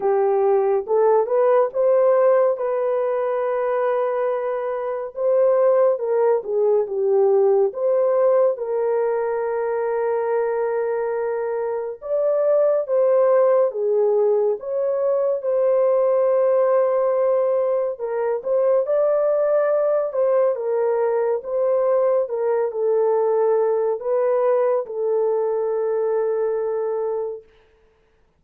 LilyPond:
\new Staff \with { instrumentName = "horn" } { \time 4/4 \tempo 4 = 70 g'4 a'8 b'8 c''4 b'4~ | b'2 c''4 ais'8 gis'8 | g'4 c''4 ais'2~ | ais'2 d''4 c''4 |
gis'4 cis''4 c''2~ | c''4 ais'8 c''8 d''4. c''8 | ais'4 c''4 ais'8 a'4. | b'4 a'2. | }